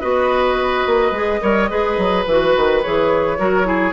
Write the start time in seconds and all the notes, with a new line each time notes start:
0.00 B3 F#4 B4 D#5
0.86 A#3
1.11 G#3 G#4
1.41 G3 A#4 C#5
1.69 G#3 G#4 B4
1.97 F#3
2.25 E3 F#4 B4
2.56 D#3
2.82 E3 G#4 C#5
3.38 F#3 F#4 A#4
3.64 E4 G#4